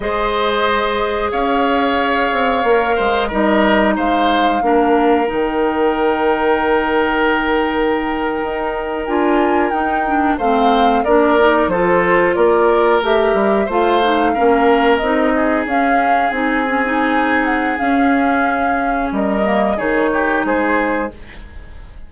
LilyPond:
<<
  \new Staff \with { instrumentName = "flute" } { \time 4/4 \tempo 4 = 91 dis''2 f''2~ | f''4 dis''4 f''2 | g''1~ | g''4.~ g''16 gis''4 g''4 f''16~ |
f''8. d''4 c''4 d''4 e''16~ | e''8. f''2 dis''4 f''16~ | f''8. gis''4.~ gis''16 fis''8 f''4~ | f''4 dis''4 cis''4 c''4 | }
  \new Staff \with { instrumentName = "oboe" } { \time 4/4 c''2 cis''2~ | cis''8 c''8 ais'4 c''4 ais'4~ | ais'1~ | ais'2.~ ais'8. c''16~ |
c''8. ais'4 a'4 ais'4~ ais'16~ | ais'8. c''4 ais'4. gis'8.~ | gis'1~ | gis'4 ais'4 gis'8 g'8 gis'4 | }
  \new Staff \with { instrumentName = "clarinet" } { \time 4/4 gis'1 | ais'4 dis'2 d'4 | dis'1~ | dis'4.~ dis'16 f'4 dis'8 d'8 c'16~ |
c'8. d'8 dis'8 f'2 g'16~ | g'8. f'8 dis'8 cis'4 dis'4 cis'16~ | cis'8. dis'8 cis'16 dis'4. cis'4~ | cis'4. ais8 dis'2 | }
  \new Staff \with { instrumentName = "bassoon" } { \time 4/4 gis2 cis'4. c'8 | ais8 gis8 g4 gis4 ais4 | dis1~ | dis8. dis'4 d'4 dis'4 a16~ |
a8. ais4 f4 ais4 a16~ | a16 g8 a4 ais4 c'4 cis'16~ | cis'8. c'2~ c'16 cis'4~ | cis'4 g4 dis4 gis4 | }
>>